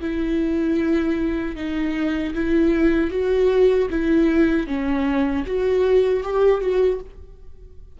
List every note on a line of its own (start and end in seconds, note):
0.00 1.55 E4
1.55 2.33 D#4
2.34 3.10 E4
3.10 3.88 F#4
3.90 4.67 E4
4.67 5.45 C#4
5.46 6.23 F#4
6.23 6.61 G4
6.61 7.00 F#4